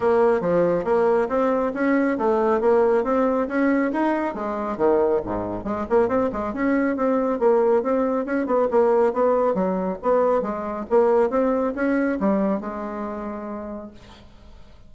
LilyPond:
\new Staff \with { instrumentName = "bassoon" } { \time 4/4 \tempo 4 = 138 ais4 f4 ais4 c'4 | cis'4 a4 ais4 c'4 | cis'4 dis'4 gis4 dis4 | gis,4 gis8 ais8 c'8 gis8 cis'4 |
c'4 ais4 c'4 cis'8 b8 | ais4 b4 fis4 b4 | gis4 ais4 c'4 cis'4 | g4 gis2. | }